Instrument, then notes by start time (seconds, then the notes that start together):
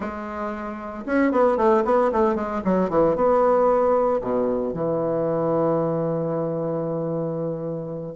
bassoon
0.00 G#3
1.06 C#4
1.31 B3
1.57 A3
1.84 B3
2.11 A3
2.35 G#3
2.64 F#3
2.89 E3
3.15 B3
4.21 B2
4.73 E3